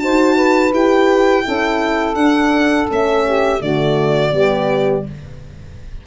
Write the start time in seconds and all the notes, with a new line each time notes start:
0.00 D#4 F#4 C5 A5
0.35 B4
0.72 E4 G4 G5
1.44 C#4 E4 A4
2.15 D4 F#5
2.87 A3 C#4 E5
3.25 G4
3.61 D3 A3 F#4 D5
4.31 G3 B3 G4